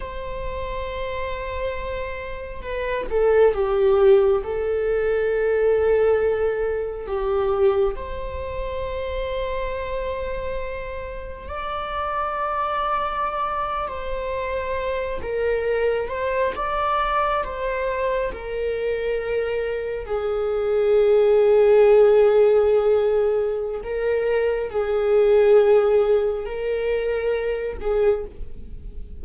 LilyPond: \new Staff \with { instrumentName = "viola" } { \time 4/4 \tempo 4 = 68 c''2. b'8 a'8 | g'4 a'2. | g'4 c''2.~ | c''4 d''2~ d''8. c''16~ |
c''4~ c''16 ais'4 c''8 d''4 c''16~ | c''8. ais'2 gis'4~ gis'16~ | gis'2. ais'4 | gis'2 ais'4. gis'8 | }